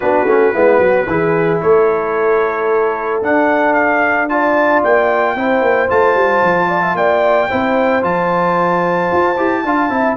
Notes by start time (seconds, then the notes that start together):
0.00 B3 D4 F#4 B4
0.25 A3 C#4
0.53 G#3 B3 E4
0.78 F#3 F#4
1.06 E3 E4 G#4
1.61 A3 A4 C#5
3.22 D4 F#5
3.73 F5
4.28 F4 D5 A5
4.83 A#3 G5
5.35 C4 E4 C5
5.61 A#3
5.88 A3 F4 A5
6.14 G3
6.43 F3
6.67 D5
6.81 E5
6.94 A#3 D5 G5
7.49 C4 E4 C5
8.01 F3 F4 A5
9.12 F4
9.37 E4 G4
9.64 D4 F4 F5
9.89 C4 E4 E5